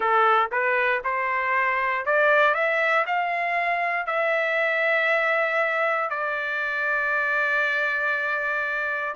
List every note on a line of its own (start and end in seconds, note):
0.00 0.49 A4
0.51 1.02 B4
1.04 2.05 C5
2.05 2.54 D5
2.54 3.05 E5
3.06 4.06 F5
4.06 6.10 E5
6.10 9.15 D5